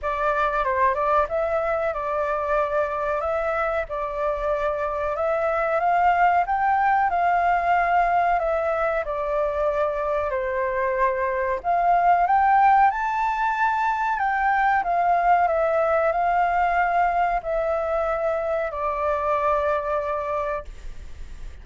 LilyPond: \new Staff \with { instrumentName = "flute" } { \time 4/4 \tempo 4 = 93 d''4 c''8 d''8 e''4 d''4~ | d''4 e''4 d''2 | e''4 f''4 g''4 f''4~ | f''4 e''4 d''2 |
c''2 f''4 g''4 | a''2 g''4 f''4 | e''4 f''2 e''4~ | e''4 d''2. | }